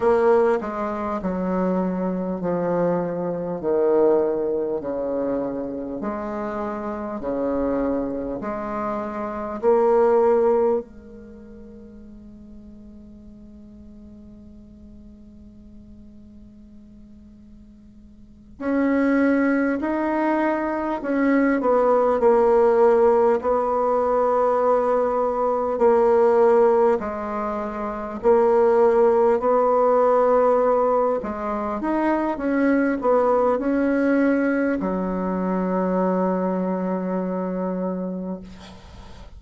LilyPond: \new Staff \with { instrumentName = "bassoon" } { \time 4/4 \tempo 4 = 50 ais8 gis8 fis4 f4 dis4 | cis4 gis4 cis4 gis4 | ais4 gis2.~ | gis2.~ gis8 cis'8~ |
cis'8 dis'4 cis'8 b8 ais4 b8~ | b4. ais4 gis4 ais8~ | ais8 b4. gis8 dis'8 cis'8 b8 | cis'4 fis2. | }